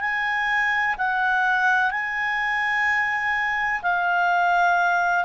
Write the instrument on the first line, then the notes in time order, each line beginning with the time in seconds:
clarinet
0.00 G#5
0.98 F#5
1.91 G#5
3.82 F5